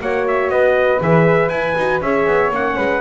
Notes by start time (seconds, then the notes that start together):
0.00 A#3 F#4 C#5 F#5
0.27 E5
0.49 B3 B4 D#5
1.00 E3 G#4 E5
1.48 E4 G#5
1.77 D#4 F#4
2.01 C#4 G#4 C#5 E5
2.26 B3
2.50 A#3 C#4 F#5
2.76 G#3 B4